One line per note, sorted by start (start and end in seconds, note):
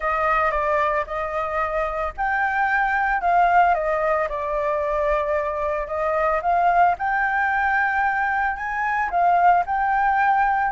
0.00 0.51 D#5
0.51 1.04 D5
1.06 2.13 D#5
2.17 3.21 G5
3.21 3.74 F5
3.74 4.28 D#5
4.29 5.87 D5
5.87 6.40 D#5
6.42 6.95 F5
6.98 8.56 G5
8.56 9.09 G#5
9.10 9.64 F5
9.66 10.71 G5